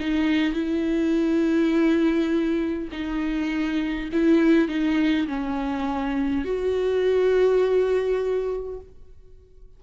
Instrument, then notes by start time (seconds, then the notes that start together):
viola
0.00 D#4
0.53 E4
2.92 D#4
4.13 E4
4.68 D#4
5.27 C#4
6.45 F#4